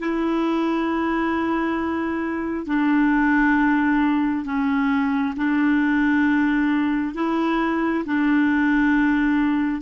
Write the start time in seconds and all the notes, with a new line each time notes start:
0.00 E4
2.67 D4
4.45 C#4
5.36 D4
7.15 E4
8.06 D4